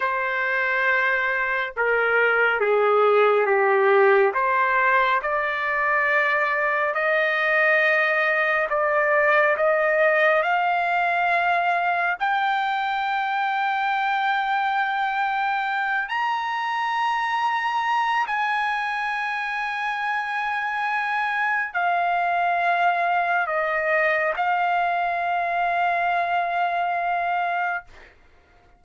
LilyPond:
\new Staff \with { instrumentName = "trumpet" } { \time 4/4 \tempo 4 = 69 c''2 ais'4 gis'4 | g'4 c''4 d''2 | dis''2 d''4 dis''4 | f''2 g''2~ |
g''2~ g''8 ais''4.~ | ais''4 gis''2.~ | gis''4 f''2 dis''4 | f''1 | }